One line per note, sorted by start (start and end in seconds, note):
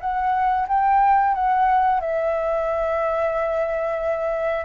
0.00 0.67 F#5
0.68 1.34 G5
1.34 2.00 F#5
2.00 4.65 E5